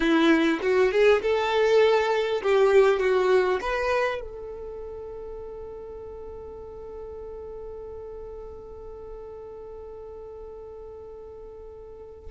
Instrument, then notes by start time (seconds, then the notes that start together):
violin
0.00 E4
0.62 F#4
0.91 G#4
1.22 A4
2.42 G4
2.99 F#4
3.61 B4
4.20 A4